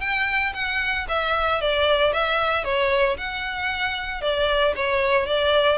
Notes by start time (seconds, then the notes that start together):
0.00 G5
0.54 F#5
1.08 E5
1.61 D5
2.12 E5
2.64 C#5
3.17 F#5
4.21 D5
4.76 C#5
5.26 D5